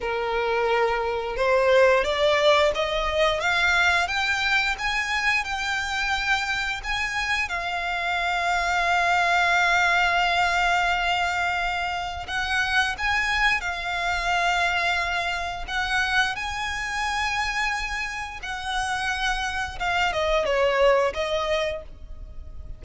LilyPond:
\new Staff \with { instrumentName = "violin" } { \time 4/4 \tempo 4 = 88 ais'2 c''4 d''4 | dis''4 f''4 g''4 gis''4 | g''2 gis''4 f''4~ | f''1~ |
f''2 fis''4 gis''4 | f''2. fis''4 | gis''2. fis''4~ | fis''4 f''8 dis''8 cis''4 dis''4 | }